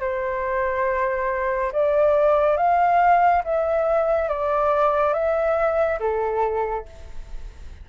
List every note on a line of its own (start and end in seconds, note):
0.00 1.71 C5
1.72 2.57 D5
2.57 3.42 F5
3.44 4.29 E5
4.29 5.13 D5
5.13 5.99 E5
6.00 6.85 A4